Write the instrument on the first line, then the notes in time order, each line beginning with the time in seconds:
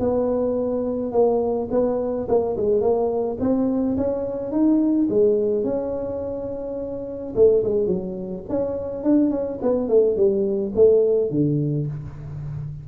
tuba
0.00 B3
1.12 A#3
1.71 B3
2.29 A#3
2.57 G#3
2.81 A#3
3.40 C4
3.98 C#4
4.52 D#4
5.10 G#3
5.64 C#4
7.36 A3
7.64 G#3
7.87 F#3
8.50 C#4
9.04 D4
9.31 C#4
9.62 B3
9.89 A3
10.17 G3
10.76 A3
11.31 D3